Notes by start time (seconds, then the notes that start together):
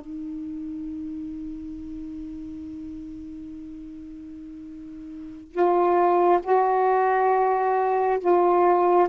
0.00 D#4
5.51 F4
6.43 F#4
8.19 F4